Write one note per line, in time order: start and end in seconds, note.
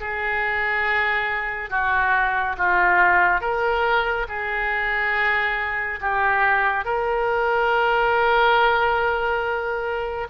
0.00 1.70 G#4
1.70 2.56 F#4
2.58 3.41 F4
3.41 4.27 A#4
4.29 6.00 G#4
6.01 6.85 G4
6.85 10.28 A#4